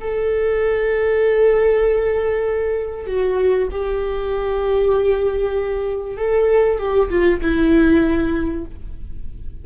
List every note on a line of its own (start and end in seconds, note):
0.00 3.06 A4
3.06 3.68 F#4
3.71 6.17 G4
6.17 6.78 A4
6.78 7.09 G4
7.10 7.41 F4
7.41 8.65 E4